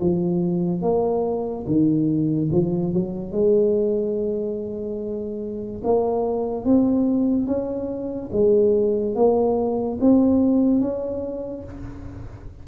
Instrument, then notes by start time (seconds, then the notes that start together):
tuba
0.00 F3
0.81 A#3
1.66 D#3
2.52 F3
2.93 F#3
3.31 G#3
5.84 A#3
6.65 C4
7.46 C#4
8.32 G#3
9.15 A#3
10.01 C4
10.80 C#4